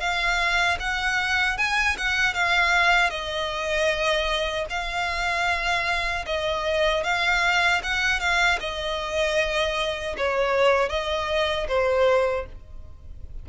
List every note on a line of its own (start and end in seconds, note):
0.00 0.78 F5
0.80 1.58 F#5
1.58 1.97 G#5
1.98 2.34 F#5
2.34 3.10 F5
3.10 4.66 D#5
4.70 6.26 F5
6.26 7.04 D#5
7.04 7.82 F5
7.83 8.20 F#5
8.20 8.59 F5
8.60 10.16 D#5
10.17 10.89 C#5
10.89 11.67 D#5
11.68 12.46 C5